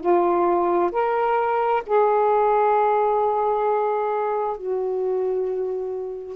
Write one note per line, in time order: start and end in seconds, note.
0.00 0.91 F4
0.92 1.83 A#4
1.86 4.57 G#4
4.57 6.36 F#4